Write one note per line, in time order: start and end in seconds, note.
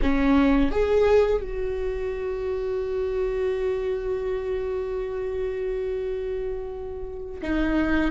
0.02 0.71 C#4
0.71 1.41 G#4
1.41 7.41 F#4
7.41 8.11 D#4